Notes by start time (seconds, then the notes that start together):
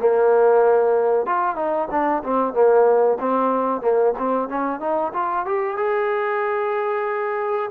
0.00 A#3
1.26 F4
1.56 D#4
1.91 D4
2.24 C4
2.54 A#3
3.20 C4
3.82 A#3
4.19 C4
4.49 C#4
4.80 D#4
5.13 F4
5.46 G4
5.77 G#4